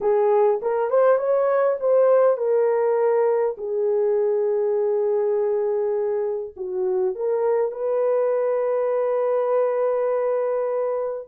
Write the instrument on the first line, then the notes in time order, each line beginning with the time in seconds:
horn
0.01 G#4
0.62 A#4
0.90 C5
1.17 C#5
1.80 C5
2.37 A#4
3.57 G#4
6.56 F#4
7.15 A#4
7.71 B4